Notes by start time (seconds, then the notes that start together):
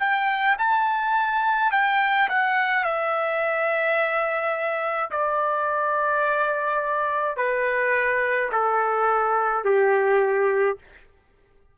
0.00 G5
0.59 A5
1.72 G5
2.30 F#5
2.85 E5
5.11 D5
7.37 B4
8.52 A4
9.65 G4